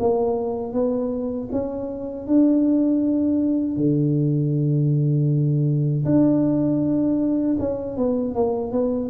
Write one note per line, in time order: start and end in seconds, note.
0.00 0.73 A#3
0.73 1.49 B3
1.52 2.27 C#4
2.27 3.77 D4
3.77 6.04 D3
6.05 7.57 D4
7.60 7.97 C#4
7.97 8.35 B3
8.35 8.72 A#3
8.72 9.10 B3